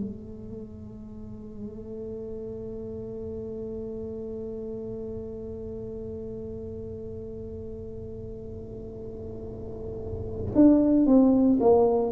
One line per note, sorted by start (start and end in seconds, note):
0.00 10.53 A3
10.56 11.06 D4
11.06 11.59 C4
11.60 12.12 A#3